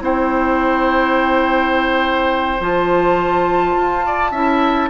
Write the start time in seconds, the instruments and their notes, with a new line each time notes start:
0.00 bassoon C4, clarinet E4, oboe C5, flute G5
2.61 bassoon F3, clarinet F4, flute A5
3.76 bassoon F4
4.06 oboe D5
4.31 bassoon C#4, clarinet E4, oboe E5